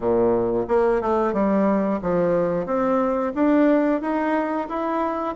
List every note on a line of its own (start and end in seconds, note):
0.00 0.65 A#2
0.68 1.01 A#3
1.01 1.33 A3
1.33 1.99 G3
2.02 2.66 F3
2.66 3.32 C4
3.34 4.01 D4
4.01 4.67 D#4
4.68 5.35 E4